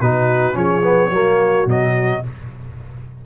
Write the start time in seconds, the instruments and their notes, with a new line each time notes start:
0.00 tuba B2, trombone D#4, horn F#4, trumpet B4
0.53 tuba F3, trombone C#4, horn G#4, trumpet C#5
0.82 trombone B3
1.09 tuba F#3, trombone A#3, horn F#4
1.65 tuba B2, trombone F#3, trumpet D#5